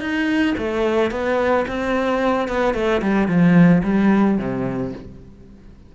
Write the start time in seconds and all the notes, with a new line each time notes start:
0.00 D#4
0.58 A3
1.11 B3
1.68 C4
2.48 B3
2.74 A3
3.02 G3
3.28 F3
3.84 G3
4.38 C3